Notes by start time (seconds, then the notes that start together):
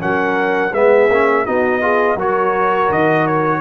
0.00 F#3 C#4 A#4 F#5
0.72 G#3 B3 G#4 E5
1.09 A#3 C#4
1.46 B3 D#4 F#4 D#5
1.82 F4 G#4
2.16 F#3 F#4 A#4 C#5
2.90 D#3 D#5
3.28 C#5